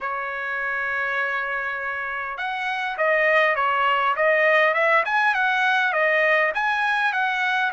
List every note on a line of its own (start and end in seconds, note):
0.00 2.37 C#5
2.37 2.96 F#5
2.97 3.55 D#5
3.55 4.15 C#5
4.16 4.74 D#5
4.74 5.03 E5
5.05 5.34 G#5
5.34 5.92 F#5
5.92 6.52 D#5
6.54 7.12 G#5
7.12 7.72 F#5